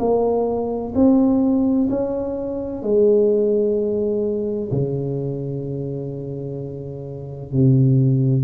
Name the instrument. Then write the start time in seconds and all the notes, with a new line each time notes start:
tuba
0.00 A#3
0.95 C4
1.90 C#4
2.83 G#3
4.72 C#3
7.53 C3